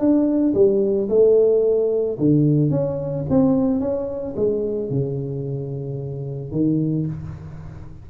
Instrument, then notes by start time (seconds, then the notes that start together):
tuba
0.00 D4
0.55 G3
1.10 A3
2.19 D3
2.71 C#4
3.30 C4
3.81 C#4
4.37 G#3
4.90 C#3
6.52 D#3